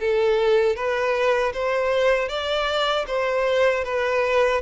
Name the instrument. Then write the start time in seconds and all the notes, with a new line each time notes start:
violin
0.00 A4
0.76 B4
1.54 C5
2.29 D5
3.07 C5
3.85 B4